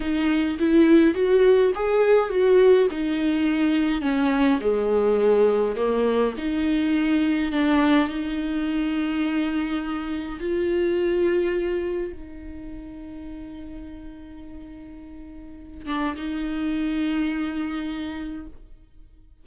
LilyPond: \new Staff \with { instrumentName = "viola" } { \time 4/4 \tempo 4 = 104 dis'4 e'4 fis'4 gis'4 | fis'4 dis'2 cis'4 | gis2 ais4 dis'4~ | dis'4 d'4 dis'2~ |
dis'2 f'2~ | f'4 dis'2.~ | dis'2.~ dis'8 d'8 | dis'1 | }